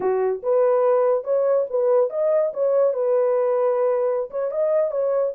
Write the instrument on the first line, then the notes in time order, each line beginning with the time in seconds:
horn
0.00 F#4
0.42 B4
1.24 C#5
1.70 B4
2.10 D#5
2.53 C#5
2.93 B4
4.30 C#5
4.51 D#5
4.91 C#5